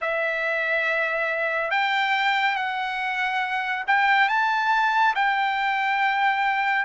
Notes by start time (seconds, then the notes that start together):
0.01 E5
1.71 G5
2.55 F#5
3.86 G5
4.29 A5
5.15 G5